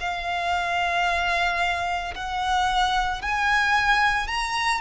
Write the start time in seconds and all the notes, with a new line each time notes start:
0.00 F5
2.15 F#5
3.22 G#5
4.28 A#5